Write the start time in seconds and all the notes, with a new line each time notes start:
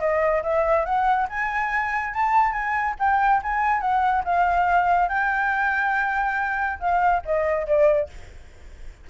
0.00 D#5
0.43 E5
0.86 F#5
1.30 G#5
2.14 A5
2.53 G#5
3.00 G5
3.43 G#5
3.81 F#5
4.25 F5
5.09 G5
6.80 F5
7.26 D#5
7.67 D5